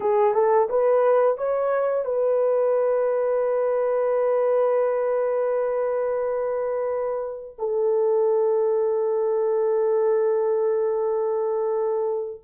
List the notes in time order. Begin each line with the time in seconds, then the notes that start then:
0.00 G#4
0.34 A4
0.69 B4
1.37 C#5
2.04 B4
7.58 A4